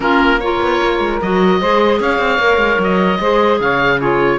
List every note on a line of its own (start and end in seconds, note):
0.00 0.60 A#3
0.00 0.38 C#4
0.00 0.41 F4
0.00 0.40 A#4
0.40 1.22 F4
0.40 1.60 A#4
0.40 1.20 C#5
0.60 0.80 B3
0.82 0.99 A#3
0.99 1.19 G#3
1.21 1.61 F#3
1.21 1.61 F#4
1.21 2.01 D#5
1.60 2.00 G#3
1.60 2.39 G#4
1.60 2.00 C5
2.00 2.18 C#4
2.00 3.20 C#5
2.00 2.82 F5
2.18 2.38 C4
2.39 2.57 A#3
2.39 3.19 A#4
2.57 2.77 G#3
2.78 3.18 F#3
2.78 3.61 D#5
3.19 3.59 G#3
3.19 4.00 G#4
3.19 3.60 C5
3.60 4.39 C#3
3.60 3.96 C#5
3.60 4.00 F5
3.96 4.39 F4
3.96 4.36 G#4
3.96 4.39 C#5